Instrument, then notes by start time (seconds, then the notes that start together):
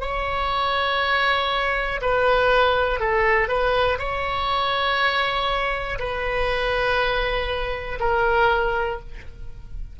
oboe
0.00 C#5
2.01 B4
3.00 A4
3.48 B4
3.98 C#5
5.99 B4
8.00 A#4